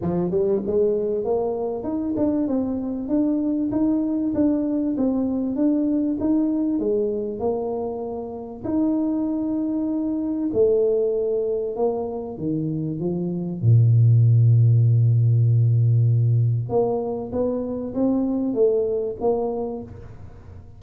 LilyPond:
\new Staff \with { instrumentName = "tuba" } { \time 4/4 \tempo 4 = 97 f8 g8 gis4 ais4 dis'8 d'8 | c'4 d'4 dis'4 d'4 | c'4 d'4 dis'4 gis4 | ais2 dis'2~ |
dis'4 a2 ais4 | dis4 f4 ais,2~ | ais,2. ais4 | b4 c'4 a4 ais4 | }